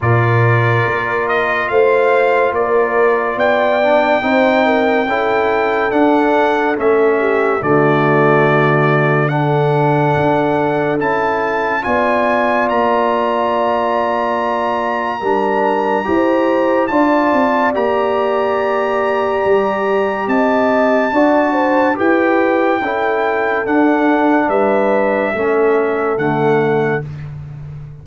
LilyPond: <<
  \new Staff \with { instrumentName = "trumpet" } { \time 4/4 \tempo 4 = 71 d''4. dis''8 f''4 d''4 | g''2. fis''4 | e''4 d''2 fis''4~ | fis''4 a''4 gis''4 ais''4~ |
ais''1 | a''4 ais''2. | a''2 g''2 | fis''4 e''2 fis''4 | }
  \new Staff \with { instrumentName = "horn" } { \time 4/4 ais'2 c''4 ais'4 | d''4 c''8 ais'8 a'2~ | a'8 g'8 fis'2 a'4~ | a'2 d''2~ |
d''2 ais'4 c''4 | d''1 | dis''4 d''8 c''8 b'4 a'4~ | a'4 b'4 a'2 | }
  \new Staff \with { instrumentName = "trombone" } { \time 4/4 f'1~ | f'8 d'8 dis'4 e'4 d'4 | cis'4 a2 d'4~ | d'4 e'4 f'2~ |
f'2 d'4 g'4 | f'4 g'2.~ | g'4 fis'4 g'4 e'4 | d'2 cis'4 a4 | }
  \new Staff \with { instrumentName = "tuba" } { \time 4/4 ais,4 ais4 a4 ais4 | b4 c'4 cis'4 d'4 | a4 d2. | d'4 cis'4 b4 ais4~ |
ais2 g4 e'4 | d'8 c'8 ais2 g4 | c'4 d'4 e'4 cis'4 | d'4 g4 a4 d4 | }
>>